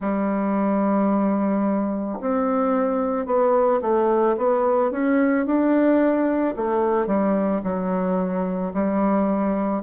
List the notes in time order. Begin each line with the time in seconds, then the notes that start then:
0.00 G3
2.20 C4
3.25 B3
3.81 A3
4.37 B3
4.91 C#4
5.45 D4
6.56 A3
7.07 G3
7.63 F#3
8.73 G3